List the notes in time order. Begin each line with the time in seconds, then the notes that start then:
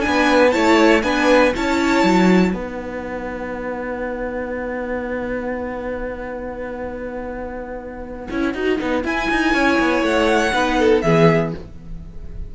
0.00 D4 G#5
0.06 B3 B4
0.51 A3 E4 C#5 A5
1.02 B3 D4 B4 G#5
1.55 C#4 E4 C#5 A5
2.03 F#3
2.53 B3 D#4 B4 F#5
8.31 C#4 E4
8.54 D#4 F#4
8.78 B3 D#4
9.03 E4 G#5
9.30 D#4
9.54 C#4 C#5
9.79 B3
10.03 A3 F#5
10.52 B3 D#4 B4
10.79 A4
11.01 E3 B3 G#4 E5